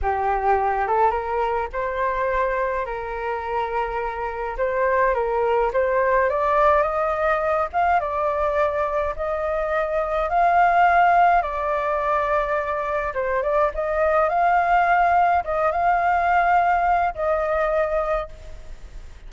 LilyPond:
\new Staff \with { instrumentName = "flute" } { \time 4/4 \tempo 4 = 105 g'4. a'8 ais'4 c''4~ | c''4 ais'2. | c''4 ais'4 c''4 d''4 | dis''4. f''8 d''2 |
dis''2 f''2 | d''2. c''8 d''8 | dis''4 f''2 dis''8 f''8~ | f''2 dis''2 | }